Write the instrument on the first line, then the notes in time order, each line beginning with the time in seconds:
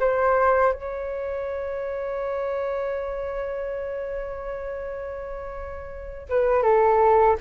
flute
0.00 C5
0.73 C#5
6.30 B4
6.63 A4